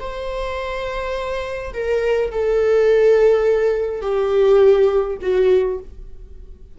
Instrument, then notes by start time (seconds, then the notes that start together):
viola
0.00 C5
1.74 A#4
2.31 A4
4.02 G4
5.21 F#4